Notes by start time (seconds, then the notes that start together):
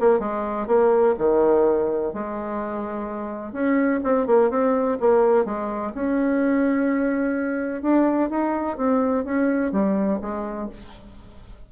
0.00 A#3
0.19 G#3
0.67 A#3
1.18 D#3
2.14 G#3
3.53 C#4
4.04 C4
4.27 A#3
4.50 C4
5.00 A#3
5.45 G#3
5.95 C#4
7.82 D4
8.30 D#4
8.77 C4
9.25 C#4
9.72 G3
10.22 G#3